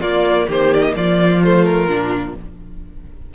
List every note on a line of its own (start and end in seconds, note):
0.00 1.39 A#3
0.00 0.47 A#3
0.00 0.46 F4
0.00 0.47 D5
0.48 0.94 D#3
0.48 0.94 G4
0.48 0.74 C5
0.74 0.82 D5
0.82 0.94 D#5
0.95 1.87 F3
0.95 2.34 F4
0.95 1.42 D5
1.43 1.88 A3
1.43 1.64 C5
1.64 2.34 A#4
1.87 2.33 A#2
1.87 2.34 D4